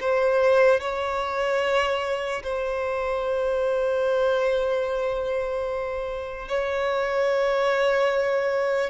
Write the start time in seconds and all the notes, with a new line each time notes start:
0.00 C5
0.80 C#5
2.43 C5
6.48 C#5